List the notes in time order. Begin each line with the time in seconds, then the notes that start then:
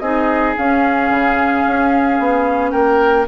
0.00 C4 D#4 G#4 D#5
0.57 C#4 F5
1.10 C#3
1.67 C#4
2.19 B3
2.71 A#3 A#4 G5